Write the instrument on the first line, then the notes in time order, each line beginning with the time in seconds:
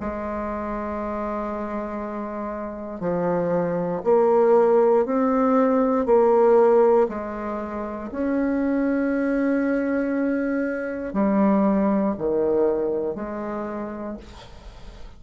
bassoon
0.00 G#3
3.00 F3
4.04 A#3
5.05 C4
6.06 A#3
7.09 G#3
8.11 C#4
11.14 G3
12.18 D#3
13.15 G#3